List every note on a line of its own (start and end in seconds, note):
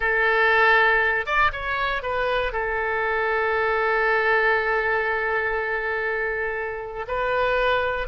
0.00 1.25 A4
1.25 1.51 D5
1.52 2.02 C#5
2.02 2.52 B4
2.52 7.06 A4
7.07 8.07 B4